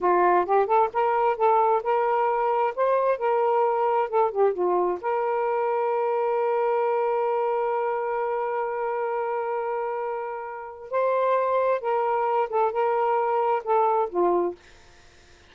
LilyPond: \new Staff \with { instrumentName = "saxophone" } { \time 4/4 \tempo 4 = 132 f'4 g'8 a'8 ais'4 a'4 | ais'2 c''4 ais'4~ | ais'4 a'8 g'8 f'4 ais'4~ | ais'1~ |
ais'1~ | ais'1 | c''2 ais'4. a'8 | ais'2 a'4 f'4 | }